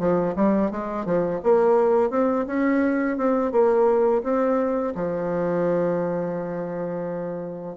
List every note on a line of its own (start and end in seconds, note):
0.00 0.35 F3
0.36 0.72 G3
0.72 1.06 G#3
1.06 1.41 F3
1.44 2.11 A#3
2.11 2.46 C4
2.47 3.18 C#4
3.18 3.52 C4
3.52 4.23 A#3
4.24 4.94 C4
4.95 7.77 F3